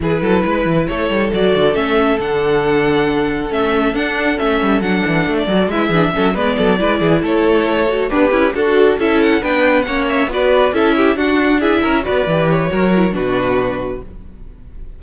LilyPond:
<<
  \new Staff \with { instrumentName = "violin" } { \time 4/4 \tempo 4 = 137 b'2 cis''4 d''4 | e''4 fis''2. | e''4 fis''4 e''4 fis''4~ | fis''16 d''8. e''4. d''4.~ |
d''8 cis''2 b'4 a'8~ | a'8 e''8 fis''8 g''4 fis''8 e''8 d''8~ | d''8 e''4 fis''4 e''4 d''8~ | d''8 cis''4. b'2 | }
  \new Staff \with { instrumentName = "violin" } { \time 4/4 gis'8 a'8 b'4 a'2~ | a'1~ | a'1~ | a'4 b'8 gis'8 a'8 b'8 a'8 b'8 |
gis'8 a'2 d'8 e'8 fis'8~ | fis'8 a'4 b'4 cis''4 b'8~ | b'8 a'8 g'8 fis'4 gis'8 ais'8 b'8~ | b'4 ais'4 fis'2 | }
  \new Staff \with { instrumentName = "viola" } { \time 4/4 e'2. fis'4 | cis'4 d'2. | cis'4 d'4 cis'4 d'4~ | d'8 fis'8 e'8 d'8 cis'8 b4 e'8~ |
e'2 fis'8 g'4 fis'8~ | fis'8 e'4 d'4 cis'4 fis'8~ | fis'8 e'4 d'4 e'4 fis'8 | g'4 fis'8 e'8 d'2 | }
  \new Staff \with { instrumentName = "cello" } { \time 4/4 e8 fis8 gis8 e8 a8 g8 fis8 d8 | a4 d2. | a4 d'4 a8 g8 fis8 e8 | a8 fis8 gis8 e8 fis8 gis8 fis8 gis8 |
e8 a2 b8 cis'8 d'8~ | d'8 cis'4 b4 ais4 b8~ | b8 cis'4 d'4. cis'8 b8 | e4 fis4 b,2 | }
>>